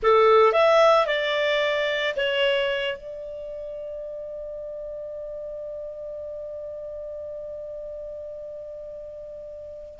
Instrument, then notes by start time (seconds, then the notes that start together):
clarinet
0.02 A4
0.52 E5
1.06 D5
2.16 C#5
2.97 D5